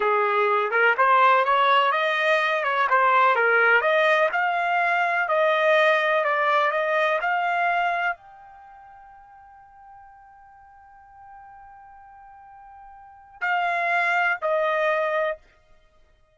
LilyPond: \new Staff \with { instrumentName = "trumpet" } { \time 4/4 \tempo 4 = 125 gis'4. ais'8 c''4 cis''4 | dis''4. cis''8 c''4 ais'4 | dis''4 f''2 dis''4~ | dis''4 d''4 dis''4 f''4~ |
f''4 g''2.~ | g''1~ | g''1 | f''2 dis''2 | }